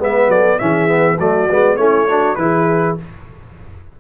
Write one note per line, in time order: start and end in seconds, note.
0.00 0.28 G#3
0.00 0.59 B3
0.00 0.30 B4
0.00 0.31 E5
0.28 0.58 F#3
0.28 0.60 A4
0.28 0.59 D5
0.59 1.19 E3
0.59 0.88 C#4
0.59 1.18 G#4
0.59 1.18 E5
0.88 1.18 B3
1.18 1.49 F#3
1.18 1.49 A3
1.18 1.78 F#4
1.18 1.77 D5
1.50 1.77 G#3
1.50 1.78 B3
1.77 2.37 A3
1.77 2.08 C#4
1.77 2.09 E4
1.77 2.36 C#5
2.09 2.38 D4
2.09 2.38 F#4
2.36 2.97 E3
2.36 2.98 E4
2.36 3.00 G#4
2.36 2.95 B4